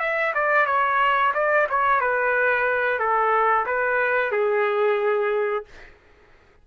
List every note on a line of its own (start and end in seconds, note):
0.00 0.33 E5
0.35 0.66 D5
0.66 1.33 C#5
1.35 1.68 D5
1.70 2.01 C#5
2.01 3.00 B4
3.00 3.66 A4
3.66 4.32 B4
4.32 5.65 G#4